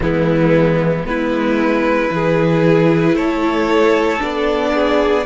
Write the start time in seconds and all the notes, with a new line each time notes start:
0.00 E3 G#3 B3 E4
1.04 G#3 B3 E4 B4
2.09 E3 E4 G#4
3.14 A3 A4 C#5
4.19 B3 D4 D5
4.74 G#4